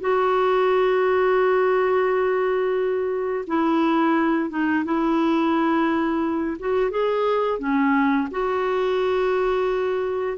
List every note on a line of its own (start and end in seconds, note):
0.00 3.45 F#4
3.47 4.50 E4
4.50 4.84 D#4
4.85 6.57 E4
6.59 6.90 F#4
6.90 7.59 G#4
7.59 8.28 C#4
8.31 10.38 F#4